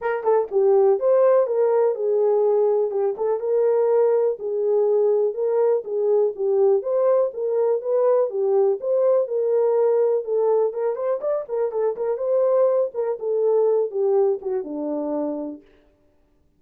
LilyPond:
\new Staff \with { instrumentName = "horn" } { \time 4/4 \tempo 4 = 123 ais'8 a'8 g'4 c''4 ais'4 | gis'2 g'8 a'8 ais'4~ | ais'4 gis'2 ais'4 | gis'4 g'4 c''4 ais'4 |
b'4 g'4 c''4 ais'4~ | ais'4 a'4 ais'8 c''8 d''8 ais'8 | a'8 ais'8 c''4. ais'8 a'4~ | a'8 g'4 fis'8 d'2 | }